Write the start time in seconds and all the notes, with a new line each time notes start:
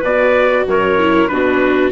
0.00 B2 F#4 B4 D5
0.67 F#2 A#4 C#5
0.99 E4
1.28 B2 D4 F#4 B4